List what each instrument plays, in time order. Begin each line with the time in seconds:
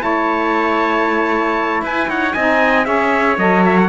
0.00 cello A3, saxophone E4, trumpet C#5 A5
1.82 cello E4, trumpet B4 G#5
2.09 cello D#4, trumpet C#5 F#5
2.34 cello C4, saxophone D#4, trumpet D#5 G#5
2.85 cello C#4, saxophone G#4, trumpet C#5 E5
3.38 cello F#3, saxophone A4, trumpet D#5
3.66 trumpet E5
3.78 trumpet F#5